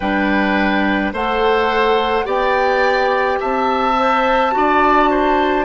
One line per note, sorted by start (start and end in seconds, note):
0.00 1.12 G3
0.00 1.14 D4
0.00 1.13 B4
0.00 1.12 G5
1.12 2.25 A3
1.12 2.24 A4
1.12 2.25 C5
1.12 2.28 F#5
2.24 3.39 B3
2.24 3.94 G4
2.24 3.38 D5
2.24 3.40 G5
3.40 4.55 C4
3.40 4.53 E5
3.40 5.65 A5
3.99 4.52 C5
4.52 5.65 D4
4.52 5.65 F#4
4.52 5.10 D5
5.10 5.65 C5